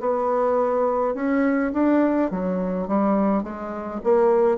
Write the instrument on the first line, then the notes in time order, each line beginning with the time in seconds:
bassoon
0.00 B3
1.14 C#4
1.73 D4
2.31 F#3
2.88 G3
3.43 G#3
4.04 A#3